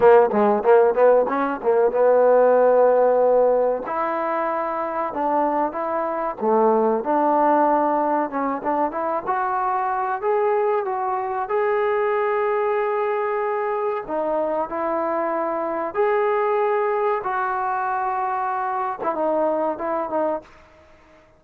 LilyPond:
\new Staff \with { instrumentName = "trombone" } { \time 4/4 \tempo 4 = 94 ais8 gis8 ais8 b8 cis'8 ais8 b4~ | b2 e'2 | d'4 e'4 a4 d'4~ | d'4 cis'8 d'8 e'8 fis'4. |
gis'4 fis'4 gis'2~ | gis'2 dis'4 e'4~ | e'4 gis'2 fis'4~ | fis'4.~ fis'16 e'16 dis'4 e'8 dis'8 | }